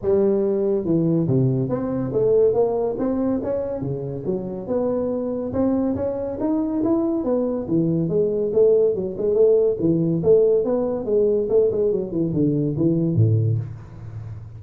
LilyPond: \new Staff \with { instrumentName = "tuba" } { \time 4/4 \tempo 4 = 141 g2 e4 c4 | c'4 a4 ais4 c'4 | cis'4 cis4 fis4 b4~ | b4 c'4 cis'4 dis'4 |
e'4 b4 e4 gis4 | a4 fis8 gis8 a4 e4 | a4 b4 gis4 a8 gis8 | fis8 e8 d4 e4 a,4 | }